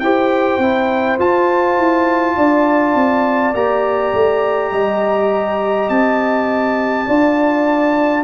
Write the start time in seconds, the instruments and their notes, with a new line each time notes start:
0.00 tuba E4, trombone G4, horn C5, trumpet G5
0.58 tuba C4, trombone E4
1.19 tuba F4, trombone F4, trumpet A5
1.78 tuba E4
2.37 tuba D4, horn D5
2.95 tuba C4
3.54 tuba A#3, trombone G4, trumpet A#5
4.13 tuba A3
4.72 tuba G3, horn D#5
5.89 tuba C4, trumpet A5
7.07 tuba D4, trombone F4, horn D5